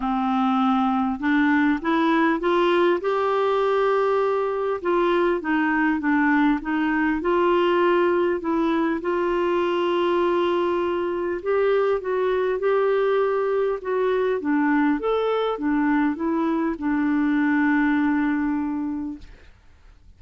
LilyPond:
\new Staff \with { instrumentName = "clarinet" } { \time 4/4 \tempo 4 = 100 c'2 d'4 e'4 | f'4 g'2. | f'4 dis'4 d'4 dis'4 | f'2 e'4 f'4~ |
f'2. g'4 | fis'4 g'2 fis'4 | d'4 a'4 d'4 e'4 | d'1 | }